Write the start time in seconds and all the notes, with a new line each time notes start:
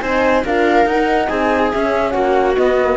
0.00 C4 D#4 C5 G#5
0.44 D4 F4 A#4 F5
0.85 D#4 F#5
1.28 C4 G#4 G#5
1.72 C#4 E5
2.10 A#3 F#4 F#5
2.55 B3 D#5
2.82 A#3